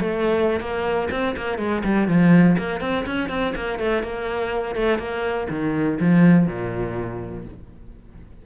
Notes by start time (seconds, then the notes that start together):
0.00 A3
0.60 A#3
1.11 C4
1.36 A#3
1.58 G#3
1.84 G3
2.08 F3
2.58 A#3
2.80 C4
3.06 C#4
3.29 C4
3.55 A#3
3.79 A3
4.03 A#3
4.75 A3
4.98 A#3
5.49 D#3
6.00 F3
6.47 A#2